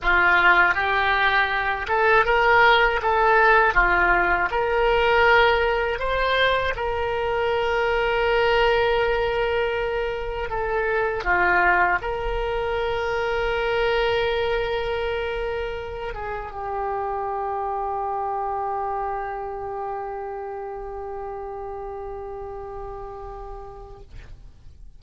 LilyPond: \new Staff \with { instrumentName = "oboe" } { \time 4/4 \tempo 4 = 80 f'4 g'4. a'8 ais'4 | a'4 f'4 ais'2 | c''4 ais'2.~ | ais'2 a'4 f'4 |
ais'1~ | ais'4. gis'8 g'2~ | g'1~ | g'1 | }